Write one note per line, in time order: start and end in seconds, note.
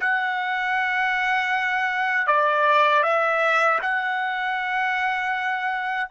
0.00 2.27 F#5
2.27 3.03 D5
3.03 3.79 E5
3.81 6.09 F#5